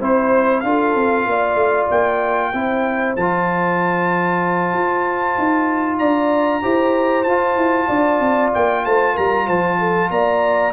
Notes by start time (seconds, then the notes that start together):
0.00 C4 E4 C5
0.60 D4 F4 A4 F5
0.95 C4
1.26 A#3 D5
1.55 A3
1.91 A#3 G5
2.52 C4 E4 C5
3.16 F3 F4 A5
4.74 F4
5.39 D#4
5.99 D4 D5 A#5
6.62 E4 G4 C5
7.24 F4 A5
7.56 E4
7.88 D4 D5
8.20 C4
8.54 A#3 G5
8.86 A3 C5 A5
9.14 G3 A#4 A#5
9.47 F3 C5 A5
9.79 A4
10.10 A#3 D5 A#5